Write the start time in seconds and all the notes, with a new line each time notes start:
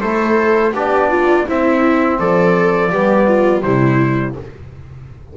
0.00 A3 E4 A4 C5
0.73 B3 D4 G4 D5
1.10 F4
1.46 C4 E4 E5
2.19 F3 A4 D5
2.90 G3 B3 G4
3.27 F4
3.61 C3 G3 E4 C5